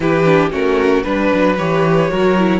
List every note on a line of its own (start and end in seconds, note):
0.00 0.51 E3
0.00 0.23 E4
0.00 0.51 G4
0.00 0.50 B4
0.25 0.51 D4
0.51 1.04 A3
0.51 1.04 C#4
0.51 1.04 F#4
0.51 1.03 A#4
1.03 1.31 G3
1.03 1.57 D4
1.03 1.55 B4
1.03 2.10 B4
1.33 1.58 F#3
1.57 2.11 E3
1.57 2.10 G4
1.57 2.60 C#5
2.10 2.60 F#3
2.10 2.36 F#4
2.10 2.60 A#4
2.38 2.60 E4